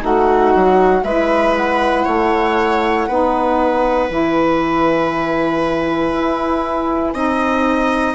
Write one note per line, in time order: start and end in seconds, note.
0.00 0.54 A3
0.00 1.02 D#4
0.00 1.05 F#4
0.00 1.04 F#5
0.56 1.04 F#3
1.04 2.06 G#3
1.04 3.09 E4
1.04 2.06 B4
1.04 1.55 E5
1.57 4.10 F#5
2.06 3.09 A3
2.06 3.07 C#5
3.08 4.10 B3
3.08 4.09 D#4
3.08 7.15 B4
4.09 6.13 E3
4.09 7.14 E4
4.09 8.15 G#5
6.13 7.14 E4
7.14 8.15 C4
7.14 8.15 D#4
7.14 8.15 D#5